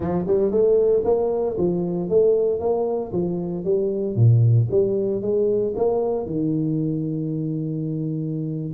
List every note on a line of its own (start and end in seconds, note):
0.00 0.25 F3
0.27 0.51 G3
0.51 1.03 A3
1.04 1.56 A#3
1.57 2.09 F3
2.09 2.59 A3
2.59 3.11 A#3
3.12 3.64 F3
3.64 4.15 G3
4.15 4.67 A#2
4.70 5.21 G3
5.21 5.73 G#3
5.76 6.26 A#3
6.26 8.73 D#3